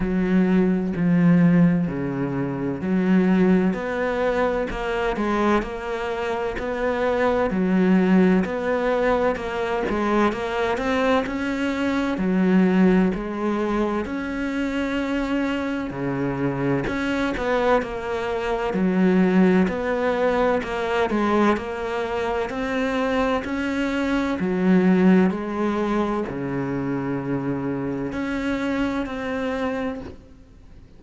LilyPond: \new Staff \with { instrumentName = "cello" } { \time 4/4 \tempo 4 = 64 fis4 f4 cis4 fis4 | b4 ais8 gis8 ais4 b4 | fis4 b4 ais8 gis8 ais8 c'8 | cis'4 fis4 gis4 cis'4~ |
cis'4 cis4 cis'8 b8 ais4 | fis4 b4 ais8 gis8 ais4 | c'4 cis'4 fis4 gis4 | cis2 cis'4 c'4 | }